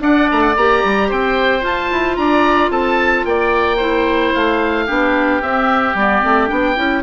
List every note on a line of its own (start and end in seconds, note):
0.00 0.27 D4
0.00 0.54 D4
0.00 1.09 D5
0.00 0.30 F#5
0.32 0.56 A3
0.32 0.41 A#5
0.41 0.55 F#5
0.56 0.83 A#3
0.56 1.61 G4
0.56 1.11 A#5
0.84 1.11 G3
1.09 1.63 C4
1.09 2.17 C5
1.09 1.65 G5
1.61 3.77 F4
1.61 1.90 F4
1.61 2.17 A5
1.91 2.17 E4
2.17 2.70 D4
2.17 2.71 D5
2.17 2.71 A#5
2.70 3.24 C4
2.70 3.25 A4
2.70 3.25 A5
3.25 4.33 A#3
3.25 3.77 D5
3.25 4.34 G5
3.77 4.87 E4
3.77 4.85 C5
4.34 4.89 A3
4.34 5.42 F5
4.87 5.42 B3
4.87 5.41 D4
4.87 7.03 G4
5.41 5.95 C4
5.41 5.96 E5
5.95 6.22 G3
5.95 6.23 B3
5.95 6.49 D5
6.23 6.51 A3
6.23 6.47 C4
6.47 6.77 B3
6.47 6.74 D4
6.47 7.03 G5
6.76 7.03 C#4
6.76 7.03 E4